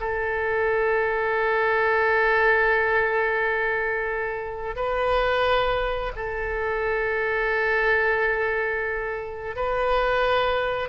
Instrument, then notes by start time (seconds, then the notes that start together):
oboe
0.00 A4
4.76 B4
6.16 A4
9.56 B4